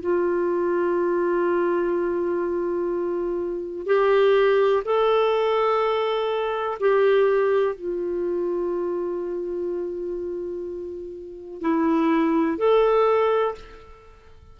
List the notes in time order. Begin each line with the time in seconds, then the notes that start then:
0.00 F4
3.86 G4
4.84 A4
6.80 G4
7.75 F4
11.61 E4
12.58 A4